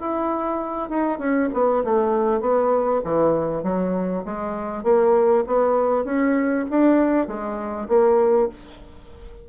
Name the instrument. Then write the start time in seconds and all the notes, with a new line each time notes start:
bassoon
0.00 E4
0.90 D#4
1.19 C#4
1.53 B3
1.85 A3
2.41 B3
3.05 E3
3.63 F#3
4.25 G#3
4.84 A#3
5.47 B3
6.05 C#4
6.71 D4
7.28 G#3
7.88 A#3